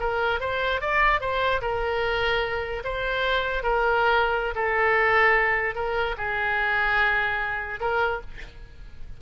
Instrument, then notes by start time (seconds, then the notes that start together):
oboe
0.00 A#4
0.40 C5
0.81 D5
1.21 C5
1.62 A#4
2.84 C5
3.63 A#4
4.55 A4
5.75 A#4
6.18 G#4
7.80 A#4